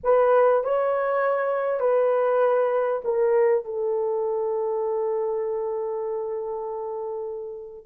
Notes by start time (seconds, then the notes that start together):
0.03 B4
0.64 C#5
1.80 B4
3.04 A#4
3.64 A4